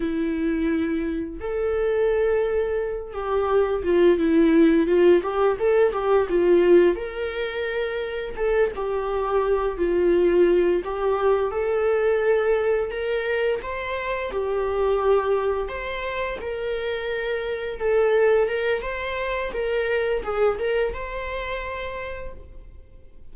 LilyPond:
\new Staff \with { instrumentName = "viola" } { \time 4/4 \tempo 4 = 86 e'2 a'2~ | a'8 g'4 f'8 e'4 f'8 g'8 | a'8 g'8 f'4 ais'2 | a'8 g'4. f'4. g'8~ |
g'8 a'2 ais'4 c''8~ | c''8 g'2 c''4 ais'8~ | ais'4. a'4 ais'8 c''4 | ais'4 gis'8 ais'8 c''2 | }